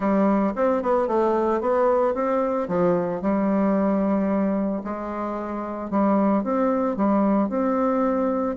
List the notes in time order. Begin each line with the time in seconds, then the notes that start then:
0.00 G3
0.55 C4
0.82 B3
1.07 A3
1.60 B3
2.14 C4
2.68 F3
3.21 G3
4.84 G#3
5.90 G3
6.43 C4
6.96 G3
7.49 C4